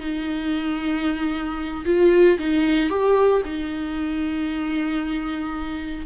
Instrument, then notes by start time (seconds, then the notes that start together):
viola
0.00 D#4
1.85 F4
2.39 D#4
2.89 G4
3.45 D#4